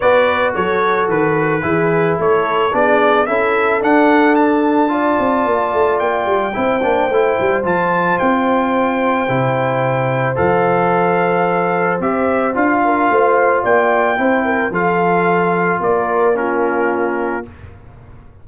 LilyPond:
<<
  \new Staff \with { instrumentName = "trumpet" } { \time 4/4 \tempo 4 = 110 d''4 cis''4 b'2 | cis''4 d''4 e''4 fis''4 | a''2. g''4~ | g''2 a''4 g''4~ |
g''2. f''4~ | f''2 e''4 f''4~ | f''4 g''2 f''4~ | f''4 d''4 ais'2 | }
  \new Staff \with { instrumentName = "horn" } { \time 4/4 b'4 a'2 gis'4 | a'4 gis'4 a'2~ | a'4 d''2. | c''1~ |
c''1~ | c''2.~ c''8 ais'8 | c''4 d''4 c''8 ais'8 a'4~ | a'4 ais'4 f'2 | }
  \new Staff \with { instrumentName = "trombone" } { \time 4/4 fis'2. e'4~ | e'4 d'4 e'4 d'4~ | d'4 f'2. | e'8 d'8 e'4 f'2~ |
f'4 e'2 a'4~ | a'2 g'4 f'4~ | f'2 e'4 f'4~ | f'2 cis'2 | }
  \new Staff \with { instrumentName = "tuba" } { \time 4/4 b4 fis4 dis4 e4 | a4 b4 cis'4 d'4~ | d'4. c'8 ais8 a8 ais8 g8 | c'8 ais8 a8 g8 f4 c'4~ |
c'4 c2 f4~ | f2 c'4 d'4 | a4 ais4 c'4 f4~ | f4 ais2. | }
>>